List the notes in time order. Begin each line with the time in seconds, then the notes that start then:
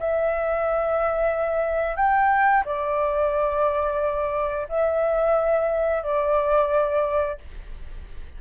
0.00 E5
1.96 G5
2.65 D5
4.69 E5
6.03 D5